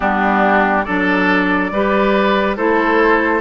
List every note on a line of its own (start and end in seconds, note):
0.00 0.86 G3
0.00 0.82 B3
0.00 0.85 D4
0.00 0.84 G4
0.84 1.71 F#3
0.84 1.73 D4
0.84 1.71 A4
0.84 2.55 D5
1.71 2.57 G3
1.71 2.57 G4
1.71 2.56 B4
2.56 3.41 A3
2.56 3.41 E4
2.56 3.41 A4
2.56 3.41 C5